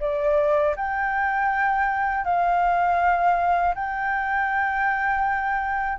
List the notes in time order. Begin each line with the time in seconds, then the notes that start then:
0.00 D5
0.76 G5
2.24 F5
3.75 G5